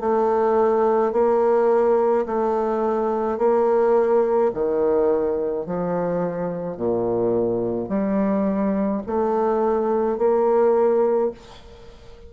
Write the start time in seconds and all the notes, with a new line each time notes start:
0.00 A3
1.12 A#3
2.26 A3
3.38 A#3
4.54 D#3
5.66 F3
6.77 A#2
7.89 G3
9.07 A3
10.18 A#3